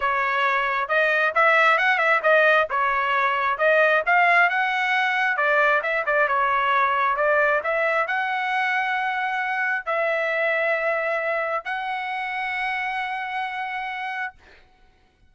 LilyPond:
\new Staff \with { instrumentName = "trumpet" } { \time 4/4 \tempo 4 = 134 cis''2 dis''4 e''4 | fis''8 e''8 dis''4 cis''2 | dis''4 f''4 fis''2 | d''4 e''8 d''8 cis''2 |
d''4 e''4 fis''2~ | fis''2 e''2~ | e''2 fis''2~ | fis''1 | }